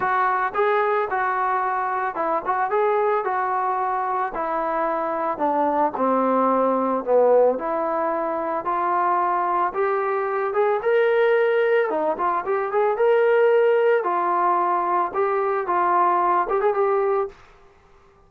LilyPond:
\new Staff \with { instrumentName = "trombone" } { \time 4/4 \tempo 4 = 111 fis'4 gis'4 fis'2 | e'8 fis'8 gis'4 fis'2 | e'2 d'4 c'4~ | c'4 b4 e'2 |
f'2 g'4. gis'8 | ais'2 dis'8 f'8 g'8 gis'8 | ais'2 f'2 | g'4 f'4. g'16 gis'16 g'4 | }